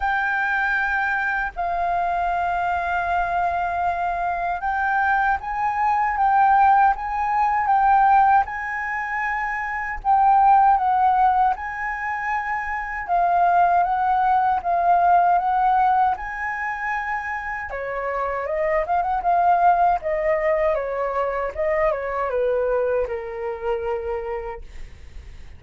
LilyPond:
\new Staff \with { instrumentName = "flute" } { \time 4/4 \tempo 4 = 78 g''2 f''2~ | f''2 g''4 gis''4 | g''4 gis''4 g''4 gis''4~ | gis''4 g''4 fis''4 gis''4~ |
gis''4 f''4 fis''4 f''4 | fis''4 gis''2 cis''4 | dis''8 f''16 fis''16 f''4 dis''4 cis''4 | dis''8 cis''8 b'4 ais'2 | }